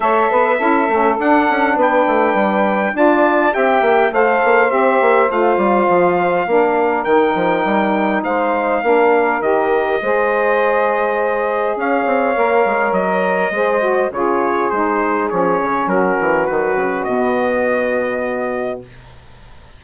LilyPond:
<<
  \new Staff \with { instrumentName = "trumpet" } { \time 4/4 \tempo 4 = 102 e''2 fis''4 g''4~ | g''4 a''4 g''4 f''4 | e''4 f''2. | g''2 f''2 |
dis''1 | f''2 dis''2 | cis''4 c''4 cis''4 ais'4 | b'4 dis''2. | }
  \new Staff \with { instrumentName = "saxophone" } { \time 4/4 cis''8 b'8 a'2 b'4~ | b'4 d''4 e''4 c''4~ | c''2. ais'4~ | ais'2 c''4 ais'4~ |
ais'4 c''2. | cis''2. c''4 | gis'2. fis'4~ | fis'1 | }
  \new Staff \with { instrumentName = "saxophone" } { \time 4/4 a'4 e'8 cis'8 d'2~ | d'4 f'4 g'4 a'4 | g'4 f'2 d'4 | dis'2. d'4 |
g'4 gis'2.~ | gis'4 ais'2 gis'8 fis'8 | f'4 dis'4 cis'2 | fis4 b2. | }
  \new Staff \with { instrumentName = "bassoon" } { \time 4/4 a8 b8 cis'8 a8 d'8 cis'8 b8 a8 | g4 d'4 c'8 ais8 a8 ais8 | c'8 ais8 a8 g8 f4 ais4 | dis8 f8 g4 gis4 ais4 |
dis4 gis2. | cis'8 c'8 ais8 gis8 fis4 gis4 | cis4 gis4 f8 cis8 fis8 e8 | dis8 cis8 b,2. | }
>>